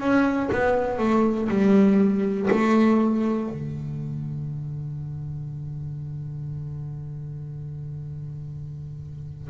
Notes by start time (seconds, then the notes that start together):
0.00 C#4
0.52 B3
0.99 A3
1.49 G3
2.50 A3
3.50 D3